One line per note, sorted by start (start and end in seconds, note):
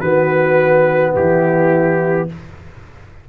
0.00 1.15 D#3
0.00 2.29 B3
0.00 1.13 F#4
0.00 1.13 B4
1.13 2.29 E3
1.13 2.26 E4
1.13 2.29 G4